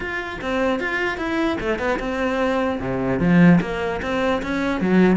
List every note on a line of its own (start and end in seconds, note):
0.00 0.39 F4
0.41 0.79 C4
0.79 1.17 F4
1.17 1.57 E4
1.60 1.78 A3
1.78 1.98 B3
1.99 2.79 C4
2.80 3.19 C3
3.19 3.59 F3
3.60 4.00 A#3
4.01 4.41 C4
4.42 4.81 C#4
4.81 5.16 F#3